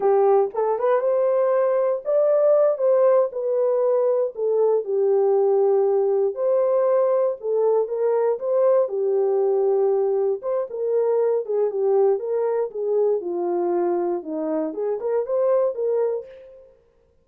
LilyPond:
\new Staff \with { instrumentName = "horn" } { \time 4/4 \tempo 4 = 118 g'4 a'8 b'8 c''2 | d''4. c''4 b'4.~ | b'8 a'4 g'2~ g'8~ | g'8 c''2 a'4 ais'8~ |
ais'8 c''4 g'2~ g'8~ | g'8 c''8 ais'4. gis'8 g'4 | ais'4 gis'4 f'2 | dis'4 gis'8 ais'8 c''4 ais'4 | }